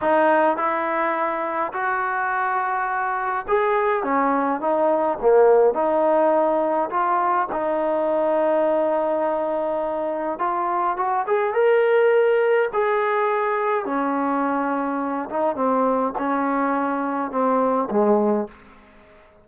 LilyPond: \new Staff \with { instrumentName = "trombone" } { \time 4/4 \tempo 4 = 104 dis'4 e'2 fis'4~ | fis'2 gis'4 cis'4 | dis'4 ais4 dis'2 | f'4 dis'2.~ |
dis'2 f'4 fis'8 gis'8 | ais'2 gis'2 | cis'2~ cis'8 dis'8 c'4 | cis'2 c'4 gis4 | }